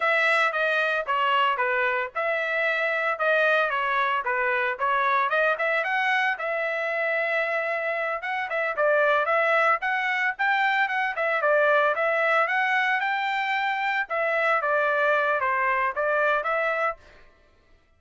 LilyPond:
\new Staff \with { instrumentName = "trumpet" } { \time 4/4 \tempo 4 = 113 e''4 dis''4 cis''4 b'4 | e''2 dis''4 cis''4 | b'4 cis''4 dis''8 e''8 fis''4 | e''2.~ e''8 fis''8 |
e''8 d''4 e''4 fis''4 g''8~ | g''8 fis''8 e''8 d''4 e''4 fis''8~ | fis''8 g''2 e''4 d''8~ | d''4 c''4 d''4 e''4 | }